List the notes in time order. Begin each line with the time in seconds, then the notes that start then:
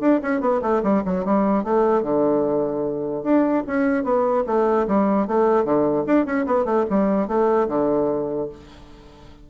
0.00 D4
0.22 C#4
0.41 B3
0.62 A3
0.83 G3
1.05 F#3
1.25 G3
1.64 A3
2.03 D3
3.23 D4
3.67 C#4
4.04 B3
4.47 A3
4.87 G3
5.28 A3
5.64 D3
6.07 D4
6.26 C#4
6.46 B3
6.65 A3
6.90 G3
7.28 A3
7.68 D3